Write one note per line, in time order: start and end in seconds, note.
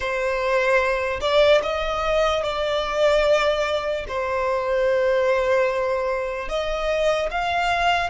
0.00 1.20 C5
1.21 1.61 D5
1.63 2.43 D#5
2.43 4.05 D5
4.08 6.48 C5
6.48 7.29 D#5
7.30 8.10 F5